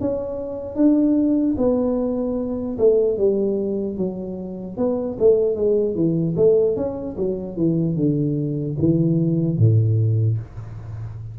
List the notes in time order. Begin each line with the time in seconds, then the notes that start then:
0.00 C#4
0.75 D4
1.57 B3
2.78 A3
3.17 G3
3.97 F#3
4.77 B3
5.19 A3
5.55 G#3
5.95 E3
6.36 A3
6.76 C#4
7.16 F#3
7.56 E3
7.96 D3
8.79 E3
9.58 A2